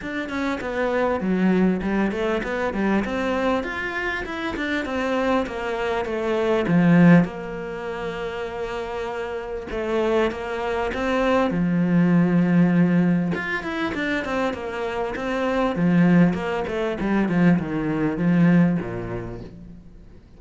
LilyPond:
\new Staff \with { instrumentName = "cello" } { \time 4/4 \tempo 4 = 99 d'8 cis'8 b4 fis4 g8 a8 | b8 g8 c'4 f'4 e'8 d'8 | c'4 ais4 a4 f4 | ais1 |
a4 ais4 c'4 f4~ | f2 f'8 e'8 d'8 c'8 | ais4 c'4 f4 ais8 a8 | g8 f8 dis4 f4 ais,4 | }